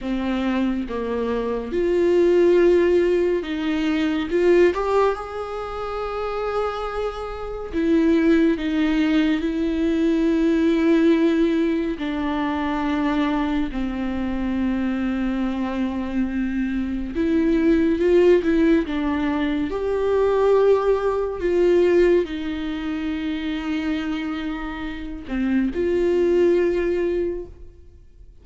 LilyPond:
\new Staff \with { instrumentName = "viola" } { \time 4/4 \tempo 4 = 70 c'4 ais4 f'2 | dis'4 f'8 g'8 gis'2~ | gis'4 e'4 dis'4 e'4~ | e'2 d'2 |
c'1 | e'4 f'8 e'8 d'4 g'4~ | g'4 f'4 dis'2~ | dis'4. c'8 f'2 | }